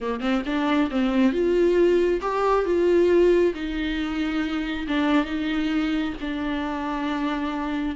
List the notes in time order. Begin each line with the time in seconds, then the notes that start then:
0.00 A#3
0.20 C4
0.45 D4
0.90 C4
1.32 F4
2.21 G4
2.65 F4
3.54 D#4
4.87 D4
5.25 D#4
6.20 D4